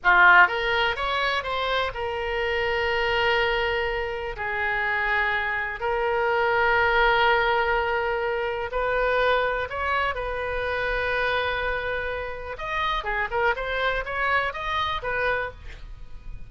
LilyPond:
\new Staff \with { instrumentName = "oboe" } { \time 4/4 \tempo 4 = 124 f'4 ais'4 cis''4 c''4 | ais'1~ | ais'4 gis'2. | ais'1~ |
ais'2 b'2 | cis''4 b'2.~ | b'2 dis''4 gis'8 ais'8 | c''4 cis''4 dis''4 b'4 | }